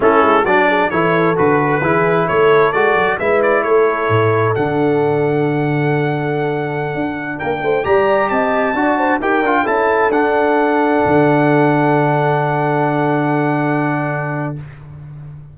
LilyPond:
<<
  \new Staff \with { instrumentName = "trumpet" } { \time 4/4 \tempo 4 = 132 a'4 d''4 cis''4 b'4~ | b'4 cis''4 d''4 e''8 d''8 | cis''2 fis''2~ | fis''1~ |
fis''16 g''4 ais''4 a''4.~ a''16~ | a''16 g''4 a''4 fis''4.~ fis''16~ | fis''1~ | fis''1 | }
  \new Staff \with { instrumentName = "horn" } { \time 4/4 e'4 fis'8 gis'8 a'2 | gis'4 a'2 b'4 | a'1~ | a'1~ |
a'16 ais'8 c''8 d''4 dis''4 d''8 c''16~ | c''16 ais'4 a'2~ a'8.~ | a'1~ | a'1 | }
  \new Staff \with { instrumentName = "trombone" } { \time 4/4 cis'4 d'4 e'4 fis'4 | e'2 fis'4 e'4~ | e'2 d'2~ | d'1~ |
d'4~ d'16 g'2 fis'8.~ | fis'16 g'8 f'8 e'4 d'4.~ d'16~ | d'1~ | d'1 | }
  \new Staff \with { instrumentName = "tuba" } { \time 4/4 a8 gis8 fis4 e4 d4 | e4 a4 gis8 fis8 gis4 | a4 a,4 d2~ | d2.~ d16 d'8.~ |
d'16 ais8 a8 g4 c'4 d'8.~ | d'16 dis'8 d'8 cis'4 d'4.~ d'16~ | d'16 d2.~ d8.~ | d1 | }
>>